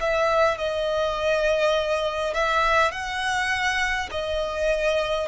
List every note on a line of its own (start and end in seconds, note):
0.00 0.58 E5
0.58 2.34 D#5
2.34 2.91 E5
2.91 4.09 F#5
4.11 5.28 D#5